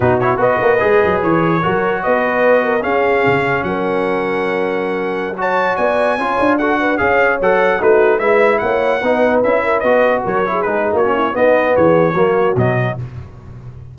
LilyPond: <<
  \new Staff \with { instrumentName = "trumpet" } { \time 4/4 \tempo 4 = 148 b'8 cis''8 dis''2 cis''4~ | cis''4 dis''2 f''4~ | f''4 fis''2.~ | fis''4~ fis''16 a''4 gis''4.~ gis''16~ |
gis''16 fis''4 f''4 fis''4 b'8.~ | b'16 e''4 fis''2 e''8.~ | e''16 dis''4 cis''4 b'8. cis''4 | dis''4 cis''2 dis''4 | }
  \new Staff \with { instrumentName = "horn" } { \time 4/4 fis'4 b'2. | ais'4 b'4. ais'8 gis'4~ | gis'4 ais'2.~ | ais'4~ ais'16 cis''4 d''4 cis''8.~ |
cis''16 a'8 b'8 cis''2 fis'8.~ | fis'16 b'4 cis''4 b'4. ais'16~ | ais'16 b'4 ais'8. gis'4 fis'8 e'8 | dis'4 gis'4 fis'2 | }
  \new Staff \with { instrumentName = "trombone" } { \time 4/4 dis'8 e'8 fis'4 gis'2 | fis'2. cis'4~ | cis'1~ | cis'4~ cis'16 fis'2 f'8.~ |
f'16 fis'4 gis'4 a'4 dis'8.~ | dis'16 e'2 dis'4 e'8.~ | e'16 fis'4. e'8 dis'4 cis'8. | b2 ais4 fis4 | }
  \new Staff \with { instrumentName = "tuba" } { \time 4/4 b,4 b8 ais8 gis8 fis8 e4 | fis4 b2 cis'4 | cis4 fis2.~ | fis2~ fis16 b4 cis'8 d'16~ |
d'4~ d'16 cis'4 fis4 a8.~ | a16 gis4 ais4 b4 cis'8.~ | cis'16 b4 fis4 gis8. ais4 | b4 e4 fis4 b,4 | }
>>